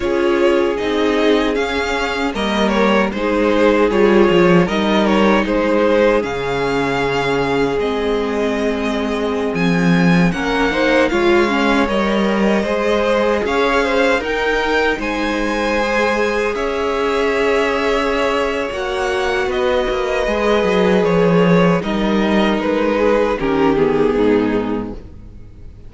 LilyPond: <<
  \new Staff \with { instrumentName = "violin" } { \time 4/4 \tempo 4 = 77 cis''4 dis''4 f''4 dis''8 cis''8 | c''4 cis''4 dis''8 cis''8 c''4 | f''2 dis''2~ | dis''16 gis''4 fis''4 f''4 dis''8.~ |
dis''4~ dis''16 f''4 g''4 gis''8.~ | gis''4~ gis''16 e''2~ e''8. | fis''4 dis''2 cis''4 | dis''4 b'4 ais'8 gis'4. | }
  \new Staff \with { instrumentName = "violin" } { \time 4/4 gis'2. ais'4 | gis'2 ais'4 gis'4~ | gis'1~ | gis'4~ gis'16 ais'8 c''8 cis''4.~ cis''16~ |
cis''16 c''4 cis''8 c''8 ais'4 c''8.~ | c''4~ c''16 cis''2~ cis''8.~ | cis''4 b'2. | ais'4. gis'8 g'4 dis'4 | }
  \new Staff \with { instrumentName = "viola" } { \time 4/4 f'4 dis'4 cis'4 ais4 | dis'4 f'4 dis'2 | cis'2 c'2~ | c'4~ c'16 cis'8 dis'8 f'8 cis'8 ais'8.~ |
ais'16 gis'2 dis'4.~ dis'16~ | dis'16 gis'2.~ gis'8. | fis'2 gis'2 | dis'2 cis'8 b4. | }
  \new Staff \with { instrumentName = "cello" } { \time 4/4 cis'4 c'4 cis'4 g4 | gis4 g8 f8 g4 gis4 | cis2 gis2~ | gis16 f4 ais4 gis4 g8.~ |
g16 gis4 cis'4 dis'4 gis8.~ | gis4~ gis16 cis'2~ cis'8. | ais4 b8 ais8 gis8 fis8 f4 | g4 gis4 dis4 gis,4 | }
>>